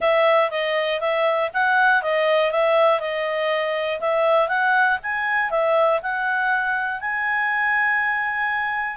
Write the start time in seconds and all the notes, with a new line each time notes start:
0.00 E5
0.50 D#5
1.00 E5
1.53 F#5
2.02 D#5
2.51 E5
3.00 D#5
4.00 E5
4.48 F#5
5.02 G#5
5.50 E5
6.02 F#5
7.00 G#5